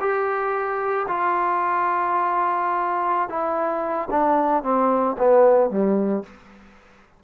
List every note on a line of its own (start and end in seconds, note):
0.00 1.06 G4
1.07 3.28 F4
3.28 4.08 E4
4.10 4.63 D4
4.63 5.16 C4
5.18 5.70 B3
5.70 6.23 G3